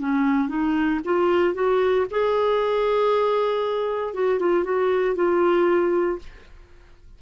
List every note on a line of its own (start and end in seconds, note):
0.00 0.49 C#4
0.49 1.01 D#4
1.05 1.55 F4
1.55 2.06 F#4
2.11 4.14 G#4
4.14 4.40 F#4
4.40 4.65 F4
4.65 5.16 F#4
5.16 6.19 F4